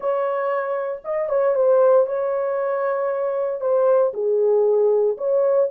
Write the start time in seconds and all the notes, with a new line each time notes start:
0.00 C#5
1.04 D#5
1.29 C#5
1.55 C5
2.06 C#5
3.60 C5
4.13 G#4
5.17 C#5